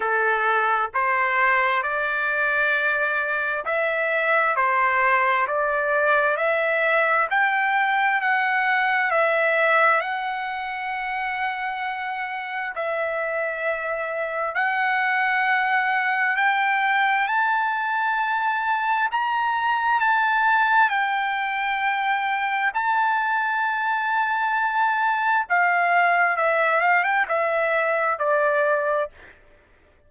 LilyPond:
\new Staff \with { instrumentName = "trumpet" } { \time 4/4 \tempo 4 = 66 a'4 c''4 d''2 | e''4 c''4 d''4 e''4 | g''4 fis''4 e''4 fis''4~ | fis''2 e''2 |
fis''2 g''4 a''4~ | a''4 ais''4 a''4 g''4~ | g''4 a''2. | f''4 e''8 f''16 g''16 e''4 d''4 | }